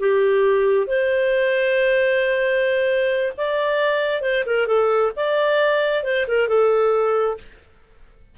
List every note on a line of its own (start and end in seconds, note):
0.00 0.87 G4
0.87 3.33 C5
3.38 4.22 D5
4.22 4.44 C5
4.46 4.67 A#4
4.67 5.12 A4
5.16 6.04 D5
6.04 6.26 C5
6.28 6.48 A#4
6.48 7.38 A4